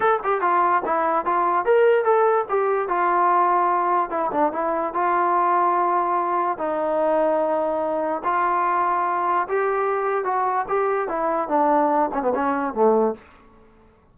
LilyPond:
\new Staff \with { instrumentName = "trombone" } { \time 4/4 \tempo 4 = 146 a'8 g'8 f'4 e'4 f'4 | ais'4 a'4 g'4 f'4~ | f'2 e'8 d'8 e'4 | f'1 |
dis'1 | f'2. g'4~ | g'4 fis'4 g'4 e'4 | d'4. cis'16 b16 cis'4 a4 | }